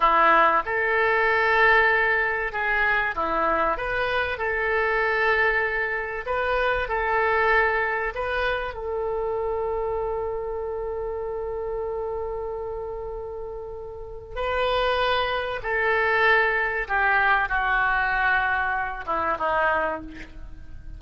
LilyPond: \new Staff \with { instrumentName = "oboe" } { \time 4/4 \tempo 4 = 96 e'4 a'2. | gis'4 e'4 b'4 a'4~ | a'2 b'4 a'4~ | a'4 b'4 a'2~ |
a'1~ | a'2. b'4~ | b'4 a'2 g'4 | fis'2~ fis'8 e'8 dis'4 | }